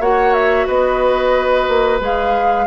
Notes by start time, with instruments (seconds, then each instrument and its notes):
0.00 bassoon A#3, clarinet F#4, oboe C#5, flute F#5
0.34 flute E5
0.67 bassoon B3, oboe B4, flute D#5
1.68 bassoon A#3
2.00 bassoon G#3, clarinet G#4, flute F5